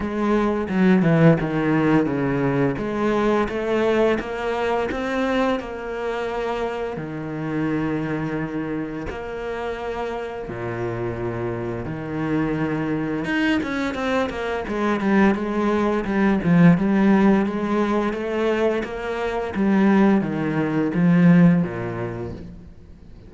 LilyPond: \new Staff \with { instrumentName = "cello" } { \time 4/4 \tempo 4 = 86 gis4 fis8 e8 dis4 cis4 | gis4 a4 ais4 c'4 | ais2 dis2~ | dis4 ais2 ais,4~ |
ais,4 dis2 dis'8 cis'8 | c'8 ais8 gis8 g8 gis4 g8 f8 | g4 gis4 a4 ais4 | g4 dis4 f4 ais,4 | }